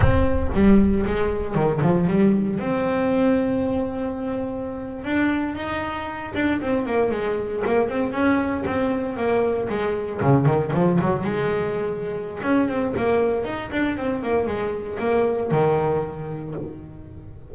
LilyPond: \new Staff \with { instrumentName = "double bass" } { \time 4/4 \tempo 4 = 116 c'4 g4 gis4 dis8 f8 | g4 c'2.~ | c'4.~ c'16 d'4 dis'4~ dis'16~ | dis'16 d'8 c'8 ais8 gis4 ais8 c'8 cis'16~ |
cis'8. c'4 ais4 gis4 cis16~ | cis16 dis8 f8 fis8 gis2~ gis16 | cis'8 c'8 ais4 dis'8 d'8 c'8 ais8 | gis4 ais4 dis2 | }